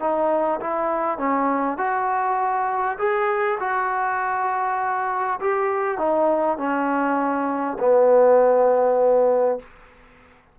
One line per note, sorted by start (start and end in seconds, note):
0.00 0.60 D#4
0.60 1.18 E4
1.18 1.78 C#4
1.78 2.98 F#4
2.98 3.58 G#4
3.60 5.40 F#4
5.40 5.98 G4
5.98 6.57 D#4
6.57 7.77 C#4
7.79 9.59 B3